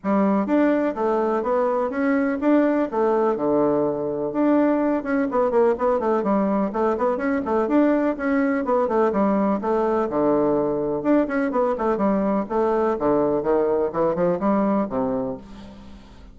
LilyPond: \new Staff \with { instrumentName = "bassoon" } { \time 4/4 \tempo 4 = 125 g4 d'4 a4 b4 | cis'4 d'4 a4 d4~ | d4 d'4. cis'8 b8 ais8 | b8 a8 g4 a8 b8 cis'8 a8 |
d'4 cis'4 b8 a8 g4 | a4 d2 d'8 cis'8 | b8 a8 g4 a4 d4 | dis4 e8 f8 g4 c4 | }